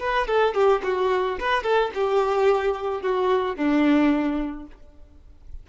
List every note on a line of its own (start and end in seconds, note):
0.00 0.28 B4
0.28 0.55 A4
0.55 0.82 G4
0.84 1.39 F#4
1.40 1.64 B4
1.64 1.91 A4
1.95 3.03 G4
3.03 3.57 F#4
3.57 4.67 D4